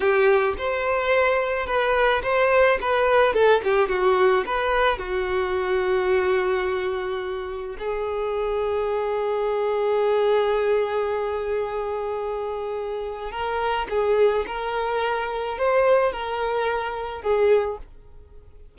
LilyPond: \new Staff \with { instrumentName = "violin" } { \time 4/4 \tempo 4 = 108 g'4 c''2 b'4 | c''4 b'4 a'8 g'8 fis'4 | b'4 fis'2.~ | fis'2 gis'2~ |
gis'1~ | gis'1 | ais'4 gis'4 ais'2 | c''4 ais'2 gis'4 | }